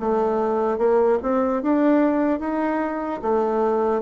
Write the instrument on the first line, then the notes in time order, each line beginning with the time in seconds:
bassoon
0.00 A3
0.78 A#3
1.23 C4
1.63 D4
2.40 D#4
3.22 A3